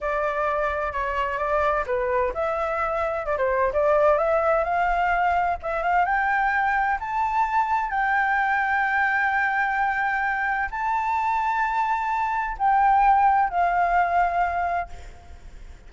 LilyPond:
\new Staff \with { instrumentName = "flute" } { \time 4/4 \tempo 4 = 129 d''2 cis''4 d''4 | b'4 e''2 d''16 c''8. | d''4 e''4 f''2 | e''8 f''8 g''2 a''4~ |
a''4 g''2.~ | g''2. a''4~ | a''2. g''4~ | g''4 f''2. | }